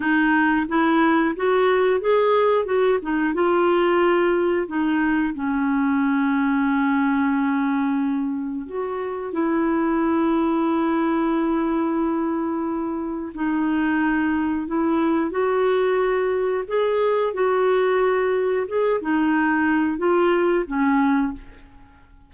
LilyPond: \new Staff \with { instrumentName = "clarinet" } { \time 4/4 \tempo 4 = 90 dis'4 e'4 fis'4 gis'4 | fis'8 dis'8 f'2 dis'4 | cis'1~ | cis'4 fis'4 e'2~ |
e'1 | dis'2 e'4 fis'4~ | fis'4 gis'4 fis'2 | gis'8 dis'4. f'4 cis'4 | }